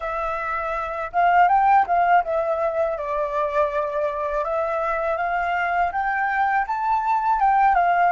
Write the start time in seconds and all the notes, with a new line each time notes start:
0.00 E5
1.12 F5
1.48 G5
1.86 F5
2.24 E5
2.97 D5
4.44 E5
5.17 F5
5.92 G5
6.67 A5
7.39 G5
7.74 F5